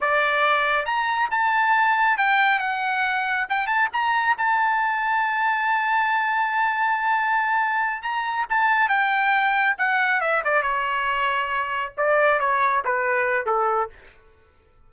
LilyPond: \new Staff \with { instrumentName = "trumpet" } { \time 4/4 \tempo 4 = 138 d''2 ais''4 a''4~ | a''4 g''4 fis''2 | g''8 a''8 ais''4 a''2~ | a''1~ |
a''2~ a''8 ais''4 a''8~ | a''8 g''2 fis''4 e''8 | d''8 cis''2. d''8~ | d''8 cis''4 b'4. a'4 | }